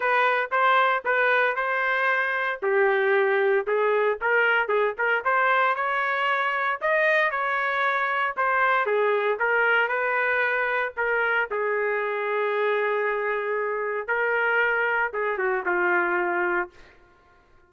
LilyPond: \new Staff \with { instrumentName = "trumpet" } { \time 4/4 \tempo 4 = 115 b'4 c''4 b'4 c''4~ | c''4 g'2 gis'4 | ais'4 gis'8 ais'8 c''4 cis''4~ | cis''4 dis''4 cis''2 |
c''4 gis'4 ais'4 b'4~ | b'4 ais'4 gis'2~ | gis'2. ais'4~ | ais'4 gis'8 fis'8 f'2 | }